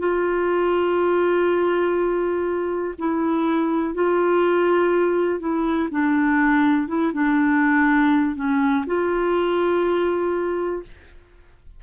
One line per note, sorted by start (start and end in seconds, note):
0.00 2.95 F4
2.99 3.95 E4
3.95 5.40 F4
5.40 5.89 E4
5.92 6.88 D4
6.88 7.13 E4
7.14 8.36 D4
8.36 8.85 C#4
8.87 10.83 F4